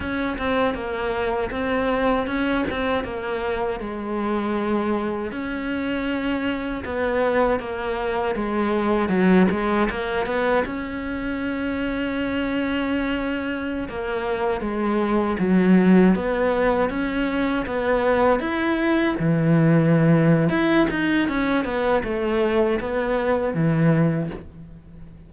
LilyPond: \new Staff \with { instrumentName = "cello" } { \time 4/4 \tempo 4 = 79 cis'8 c'8 ais4 c'4 cis'8 c'8 | ais4 gis2 cis'4~ | cis'4 b4 ais4 gis4 | fis8 gis8 ais8 b8 cis'2~ |
cis'2~ cis'16 ais4 gis8.~ | gis16 fis4 b4 cis'4 b8.~ | b16 e'4 e4.~ e16 e'8 dis'8 | cis'8 b8 a4 b4 e4 | }